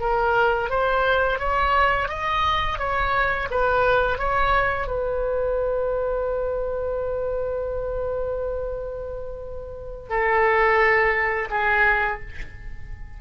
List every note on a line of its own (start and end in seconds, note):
0.00 0.70 A#4
0.70 1.39 C5
1.39 2.09 C#5
2.09 2.78 D#5
2.78 3.48 C#5
3.51 4.18 B4
4.18 4.87 C#5
4.87 10.09 B4
10.09 11.49 A4
11.50 12.20 G#4